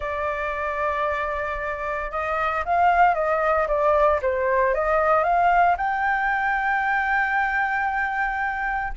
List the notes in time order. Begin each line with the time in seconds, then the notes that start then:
0.00 D5
2.11 D#5
2.65 F5
3.14 D#5
3.67 D5
4.22 C5
4.74 D#5
5.23 F5
5.77 G5